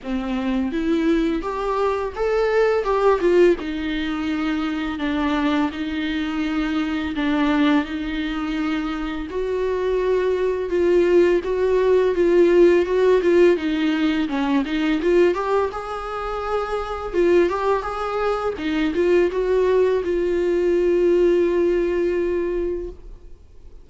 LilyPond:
\new Staff \with { instrumentName = "viola" } { \time 4/4 \tempo 4 = 84 c'4 e'4 g'4 a'4 | g'8 f'8 dis'2 d'4 | dis'2 d'4 dis'4~ | dis'4 fis'2 f'4 |
fis'4 f'4 fis'8 f'8 dis'4 | cis'8 dis'8 f'8 g'8 gis'2 | f'8 g'8 gis'4 dis'8 f'8 fis'4 | f'1 | }